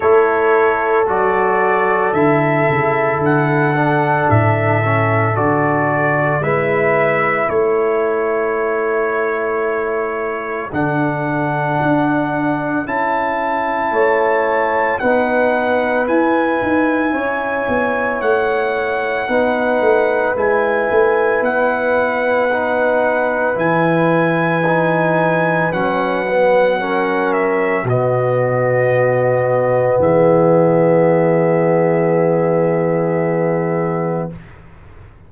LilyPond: <<
  \new Staff \with { instrumentName = "trumpet" } { \time 4/4 \tempo 4 = 56 cis''4 d''4 e''4 fis''4 | e''4 d''4 e''4 cis''4~ | cis''2 fis''2 | a''2 fis''4 gis''4~ |
gis''4 fis''2 gis''4 | fis''2 gis''2 | fis''4. e''8 dis''2 | e''1 | }
  \new Staff \with { instrumentName = "horn" } { \time 4/4 a'1~ | a'2 b'4 a'4~ | a'1~ | a'4 cis''4 b'2 |
cis''2 b'2~ | b'1~ | b'4 ais'4 fis'2 | gis'1 | }
  \new Staff \with { instrumentName = "trombone" } { \time 4/4 e'4 fis'4 e'4. d'8~ | d'8 cis'8 fis'4 e'2~ | e'2 d'2 | e'2 dis'4 e'4~ |
e'2 dis'4 e'4~ | e'4 dis'4 e'4 dis'4 | cis'8 b8 cis'4 b2~ | b1 | }
  \new Staff \with { instrumentName = "tuba" } { \time 4/4 a4 fis4 d8 cis8 d4 | a,4 d4 gis4 a4~ | a2 d4 d'4 | cis'4 a4 b4 e'8 dis'8 |
cis'8 b8 a4 b8 a8 gis8 a8 | b2 e2 | fis2 b,2 | e1 | }
>>